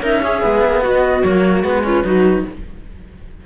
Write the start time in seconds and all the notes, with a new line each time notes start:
0.00 C#4 D#4 A#4 E5
0.22 C#4 G#4
0.42 G#3 B3
0.65 A#3
0.83 B3 F#4 D#5
1.24 F#3 A#3 C#5
1.63 G#3 B3 B4
1.84 C#4 F4
2.04 F#3 D#4 F#4